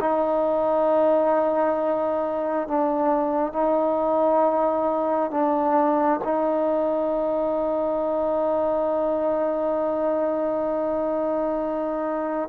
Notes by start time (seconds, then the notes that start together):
0.00 D#4
2.68 D4
3.53 D#4
5.31 D4
6.24 D#4